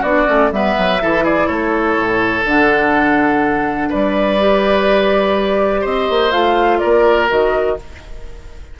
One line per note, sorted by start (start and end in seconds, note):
0.00 0.26 B3
0.00 0.26 D4
0.00 0.48 F#4
0.00 0.51 D5
0.26 0.51 A3
0.26 0.50 C#4
0.51 0.75 G3
0.51 0.99 B3
0.51 1.02 B4
0.51 1.24 E5
0.78 1.02 F#3
1.01 1.48 E3
1.01 2.45 E4
1.01 1.23 A4
1.23 1.47 G#4
1.23 1.47 D5
1.47 1.97 A3
1.47 3.89 A4
1.47 2.44 C#5
1.97 2.44 A2
2.44 3.90 D3
2.44 4.39 D4
2.44 3.91 F#5
3.89 5.85 G3
3.89 5.80 B4
3.89 5.84 D5
4.39 6.31 G4
5.80 6.09 C4
5.80 6.77 C5
5.80 6.31 D#5
6.09 6.32 A#3
6.31 6.80 A3
6.31 7.28 F4
6.31 6.78 F5
6.78 7.31 A#3
6.78 7.77 A#4
6.78 7.27 D5
7.28 7.79 D#3
7.28 7.76 F#4
7.28 7.79 D#5